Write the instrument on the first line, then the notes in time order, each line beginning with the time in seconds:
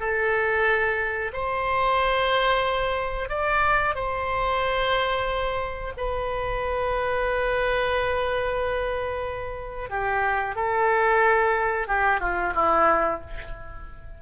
oboe
0.00 A4
1.33 C5
3.29 D5
3.95 C5
5.97 B4
9.90 G4
10.56 A4
11.87 G4
12.20 F4
12.55 E4